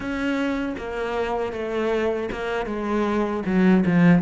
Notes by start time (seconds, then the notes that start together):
0.00 C#4
0.77 A#3
1.52 A3
2.31 A#3
2.66 G#3
3.45 F#3
3.86 F3